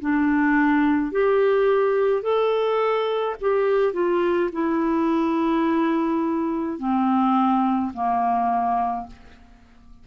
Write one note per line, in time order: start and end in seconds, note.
0.00 1.11 D4
1.11 2.22 G4
2.22 3.35 A4
3.41 3.93 G4
3.93 4.49 F4
4.52 6.78 E4
6.78 7.91 C4
7.93 9.06 A#3